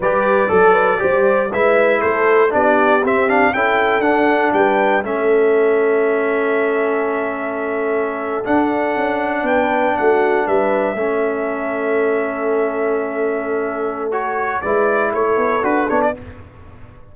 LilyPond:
<<
  \new Staff \with { instrumentName = "trumpet" } { \time 4/4 \tempo 4 = 119 d''2. e''4 | c''4 d''4 e''8 f''8 g''4 | fis''4 g''4 e''2~ | e''1~ |
e''8. fis''2 g''4 fis''16~ | fis''8. e''2.~ e''16~ | e''1 | cis''4 d''4 cis''4 b'8 cis''16 d''16 | }
  \new Staff \with { instrumentName = "horn" } { \time 4/4 b'4 a'8 b'8 c''4 b'4 | a'4 g'2 a'4~ | a'4 b'4 a'2~ | a'1~ |
a'2~ a'8. b'4 fis'16~ | fis'8. b'4 a'2~ a'16~ | a'1~ | a'4 b'4 a'2 | }
  \new Staff \with { instrumentName = "trombone" } { \time 4/4 g'4 a'4 g'4 e'4~ | e'4 d'4 c'8 d'8 e'4 | d'2 cis'2~ | cis'1~ |
cis'8. d'2.~ d'16~ | d'4.~ d'16 cis'2~ cis'16~ | cis'1 | fis'4 e'2 fis'8 d'8 | }
  \new Staff \with { instrumentName = "tuba" } { \time 4/4 g4 fis4 g4 gis4 | a4 b4 c'4 cis'4 | d'4 g4 a2~ | a1~ |
a8. d'4 cis'4 b4 a16~ | a8. g4 a2~ a16~ | a1~ | a4 gis4 a8 b8 d'8 b8 | }
>>